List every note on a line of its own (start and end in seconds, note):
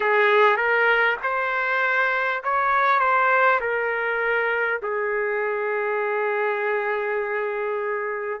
0.00 0.56 G#4
0.56 1.16 A#4
1.23 2.43 C5
2.43 2.99 C#5
2.99 3.59 C5
3.60 4.80 A#4
4.82 8.40 G#4